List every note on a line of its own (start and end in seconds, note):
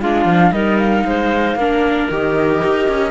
0.00 0.25 G#3
0.00 0.53 D4
0.00 0.52 F4
0.00 0.52 F5
0.25 0.51 F3
0.52 1.04 G3
0.52 1.58 D#4
0.52 1.05 A#4
0.52 0.78 D#5
0.78 2.08 F5
1.05 1.55 G#3
1.05 1.58 C5
1.55 2.07 A#3
1.55 2.11 D4
1.55 3.11 A#4
2.09 2.62 D#3
2.09 3.11 G4
2.09 3.11 D#5
2.63 2.88 D#4
2.88 3.11 C#4